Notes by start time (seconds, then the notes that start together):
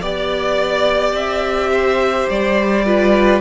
0.00 B3 G4 D5
1.13 C4 E5
1.71 C5
2.29 G3 D5
2.85 F4 B4